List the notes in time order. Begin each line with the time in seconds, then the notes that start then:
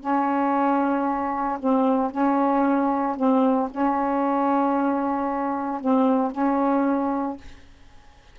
0.00 C#4
1.59 C4
2.11 C#4
3.16 C4
3.70 C#4
5.80 C4
6.31 C#4